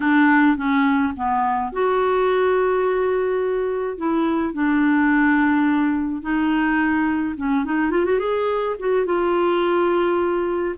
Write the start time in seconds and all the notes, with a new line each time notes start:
0.00 D4
0.56 C#4
1.16 B3
1.72 F#4
3.97 E4
4.53 D4
6.21 D#4
7.36 C#4
7.64 D#4
7.91 F4
8.05 F#4
8.19 G#4
8.79 F#4
9.05 F4